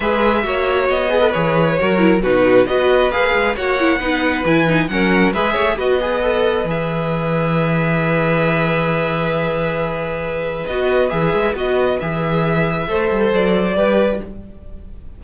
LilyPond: <<
  \new Staff \with { instrumentName = "violin" } { \time 4/4 \tempo 4 = 135 e''2 dis''4 cis''4~ | cis''4 b'4 dis''4 f''4 | fis''2 gis''4 fis''4 | e''4 dis''2 e''4~ |
e''1~ | e''1 | dis''4 e''4 dis''4 e''4~ | e''2 d''2 | }
  \new Staff \with { instrumentName = "violin" } { \time 4/4 b'4 cis''4. b'4. | ais'4 fis'4 b'2 | cis''4 b'2 ais'4 | b'8 cis''8 b'2.~ |
b'1~ | b'1~ | b'1~ | b'4 c''2 b'4 | }
  \new Staff \with { instrumentName = "viola" } { \time 4/4 gis'4 fis'4. gis'16 a'16 gis'4 | fis'8 e'8 dis'4 fis'4 gis'4 | fis'8 e'8 dis'4 e'8 dis'8 cis'4 | gis'4 fis'8 gis'8 a'4 gis'4~ |
gis'1~ | gis'1 | fis'4 gis'4 fis'4 gis'4~ | gis'4 a'2 g'4 | }
  \new Staff \with { instrumentName = "cello" } { \time 4/4 gis4 ais4 b4 e4 | fis4 b,4 b4 ais8 gis8 | ais4 b4 e4 fis4 | gis8 a8 b2 e4~ |
e1~ | e1 | b4 e8 gis8 b4 e4~ | e4 a8 g8 fis4 g4 | }
>>